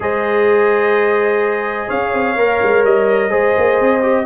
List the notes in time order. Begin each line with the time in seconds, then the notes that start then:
0.00 G#3 G#4 C5 D#5
1.87 C#4 C#5 F5
2.12 C4
2.35 A#3 A#4
2.62 G#3
2.83 G3 D#5
3.30 G#3 G#4 C5
3.57 A#3
3.80 C4
4.02 G4